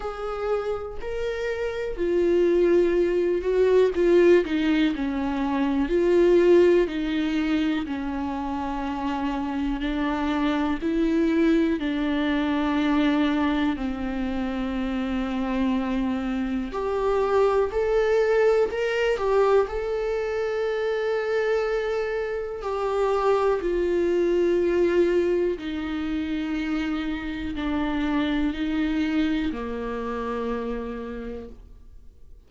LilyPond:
\new Staff \with { instrumentName = "viola" } { \time 4/4 \tempo 4 = 61 gis'4 ais'4 f'4. fis'8 | f'8 dis'8 cis'4 f'4 dis'4 | cis'2 d'4 e'4 | d'2 c'2~ |
c'4 g'4 a'4 ais'8 g'8 | a'2. g'4 | f'2 dis'2 | d'4 dis'4 ais2 | }